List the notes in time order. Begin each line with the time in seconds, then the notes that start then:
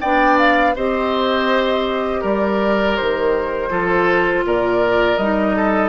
0.00 B3 D4 D5 G5
0.38 F5
0.75 C4 G4 C5 D#5
2.21 G3 A#4 D5
2.96 D#3 C5
3.70 F3 F4 A4
4.44 A#2 A#4 D5
5.17 G3 D#4 D#5
5.55 A4